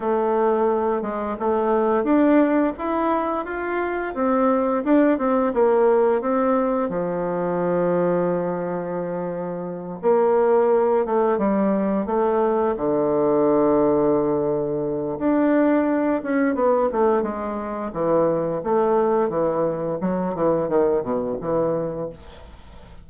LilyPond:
\new Staff \with { instrumentName = "bassoon" } { \time 4/4 \tempo 4 = 87 a4. gis8 a4 d'4 | e'4 f'4 c'4 d'8 c'8 | ais4 c'4 f2~ | f2~ f8 ais4. |
a8 g4 a4 d4.~ | d2 d'4. cis'8 | b8 a8 gis4 e4 a4 | e4 fis8 e8 dis8 b,8 e4 | }